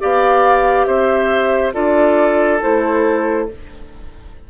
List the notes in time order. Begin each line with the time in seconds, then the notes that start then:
0.00 B3 G4 D5 F5
0.84 C4 C5 E5
1.73 D4 F4 A4 D5
2.60 A3 E4 C5